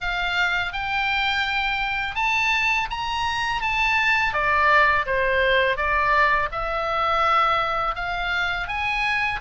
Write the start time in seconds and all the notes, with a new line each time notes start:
0.00 F5
0.73 G5
2.15 A5
2.90 A#5
3.61 A5
4.33 D5
5.06 C5
5.76 D5
6.51 E5
7.95 F5
8.67 G#5